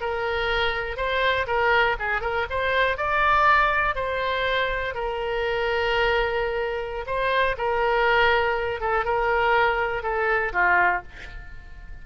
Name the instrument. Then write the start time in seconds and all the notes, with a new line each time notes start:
oboe
0.00 A#4
0.96 C5
1.47 A#4
1.99 G#4
2.21 A#4
2.50 C5
2.97 D5
3.95 C5
4.94 A#4
7.06 C5
7.57 A#4
8.80 A4
9.04 A#4
10.03 A4
10.53 F4